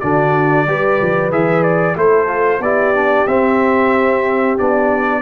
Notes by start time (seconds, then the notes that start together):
0.00 D3 D4 F#4 D5
0.67 G3 G4 B4
1.02 F3
1.31 E3 G#4 E5
1.63 D5
1.96 A3 E4 A4 C5
2.27 F4
2.60 B3 E4 G4 D5
2.94 D4
3.27 C4 E5
4.58 B3 D4 D5